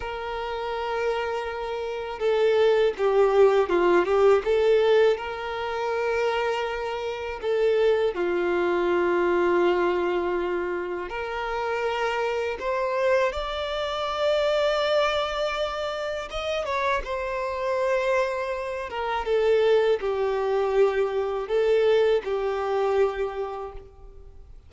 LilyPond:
\new Staff \with { instrumentName = "violin" } { \time 4/4 \tempo 4 = 81 ais'2. a'4 | g'4 f'8 g'8 a'4 ais'4~ | ais'2 a'4 f'4~ | f'2. ais'4~ |
ais'4 c''4 d''2~ | d''2 dis''8 cis''8 c''4~ | c''4. ais'8 a'4 g'4~ | g'4 a'4 g'2 | }